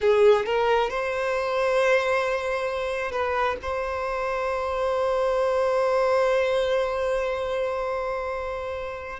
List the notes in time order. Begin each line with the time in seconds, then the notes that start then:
0.00 G#4
0.45 A#4
0.90 C5
3.11 B4
3.62 C5